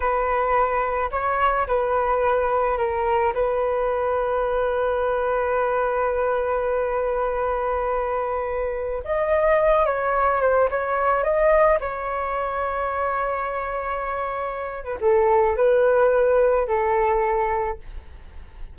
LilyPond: \new Staff \with { instrumentName = "flute" } { \time 4/4 \tempo 4 = 108 b'2 cis''4 b'4~ | b'4 ais'4 b'2~ | b'1~ | b'1~ |
b'16 dis''4. cis''4 c''8 cis''8.~ | cis''16 dis''4 cis''2~ cis''8.~ | cis''2~ cis''8. b'16 a'4 | b'2 a'2 | }